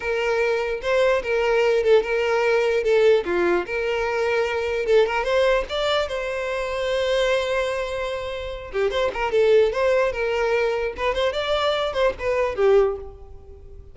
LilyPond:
\new Staff \with { instrumentName = "violin" } { \time 4/4 \tempo 4 = 148 ais'2 c''4 ais'4~ | ais'8 a'8 ais'2 a'4 | f'4 ais'2. | a'8 ais'8 c''4 d''4 c''4~ |
c''1~ | c''4. g'8 c''8 ais'8 a'4 | c''4 ais'2 b'8 c''8 | d''4. c''8 b'4 g'4 | }